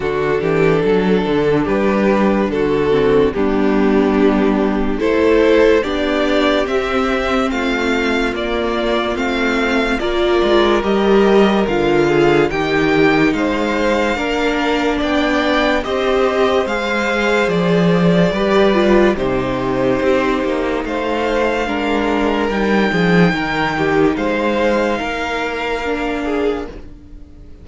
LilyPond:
<<
  \new Staff \with { instrumentName = "violin" } { \time 4/4 \tempo 4 = 72 a'2 b'4 a'4 | g'2 c''4 d''4 | e''4 f''4 d''4 f''4 | d''4 dis''4 f''4 g''4 |
f''2 g''4 dis''4 | f''4 d''2 c''4~ | c''4 f''2 g''4~ | g''4 f''2. | }
  \new Staff \with { instrumentName = "violin" } { \time 4/4 fis'8 g'8 a'4 g'4 fis'4 | d'2 a'4 g'4~ | g'4 f'2. | ais'2~ ais'8 gis'8 g'4 |
c''4 ais'4 d''4 c''4~ | c''2 b'4 g'4~ | g'4 c''4 ais'4. gis'8 | ais'8 g'8 c''4 ais'4. gis'8 | }
  \new Staff \with { instrumentName = "viola" } { \time 4/4 d'2.~ d'8 c'8 | b2 e'4 d'4 | c'2 ais4 c'4 | f'4 g'4 f'4 dis'4~ |
dis'4 d'2 g'4 | gis'2 g'8 f'8 dis'4~ | dis'2 d'4 dis'4~ | dis'2. d'4 | }
  \new Staff \with { instrumentName = "cello" } { \time 4/4 d8 e8 fis8 d8 g4 d4 | g2 a4 b4 | c'4 a4 ais4 a4 | ais8 gis8 g4 d4 dis4 |
gis4 ais4 b4 c'4 | gis4 f4 g4 c4 | c'8 ais8 a4 gis4 g8 f8 | dis4 gis4 ais2 | }
>>